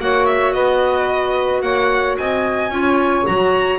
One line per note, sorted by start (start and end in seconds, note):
0.00 0.54 A#3
0.00 2.72 F#4
0.00 0.54 C#5
0.00 0.26 F#5
0.26 0.53 E5
0.53 1.63 B3
0.53 1.63 B4
0.53 1.62 D#5
1.62 2.17 A#3
1.62 2.17 C#5
1.62 2.17 F#5
2.18 2.70 C4
2.18 2.71 D#5
2.18 3.27 G#5
2.70 3.25 C#4
2.70 3.25 F4
2.70 3.80 C#5
3.25 3.80 F#3
3.25 3.80 F#4
3.25 3.80 A#5